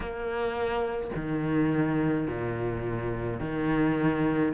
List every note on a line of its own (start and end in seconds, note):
0.00 1.10 A#3
1.15 2.27 D#3
2.27 3.40 A#2
3.40 4.53 D#3